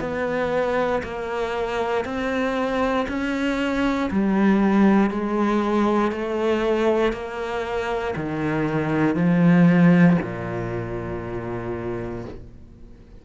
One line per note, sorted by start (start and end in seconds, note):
0.00 1.02 B3
1.03 2.05 A#3
2.05 3.06 C4
3.08 4.10 C#4
4.11 5.10 G3
5.10 6.12 G#3
6.12 7.13 A3
7.13 8.14 A#3
8.16 9.16 D#3
9.16 10.17 F3
10.22 12.25 A#2